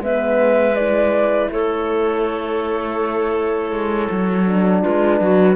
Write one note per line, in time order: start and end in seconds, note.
0.00 1.48 G#3
0.00 0.77 B3
0.00 1.51 B4
0.00 0.75 E5
0.75 4.46 E4
0.75 1.49 D5
1.52 3.72 A3
1.52 4.82 A4
1.52 4.83 C#5
3.72 4.09 G#3
4.11 4.85 F#3
4.46 5.56 D4
4.82 5.21 G#3
4.82 5.19 F4
4.82 5.56 B4
5.21 5.56 F#3
5.21 5.56 F#4